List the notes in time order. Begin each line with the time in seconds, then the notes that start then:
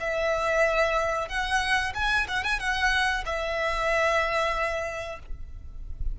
0.00 E5
1.28 F#5
1.94 G#5
2.28 F#5
2.44 G#5
2.60 F#5
3.26 E5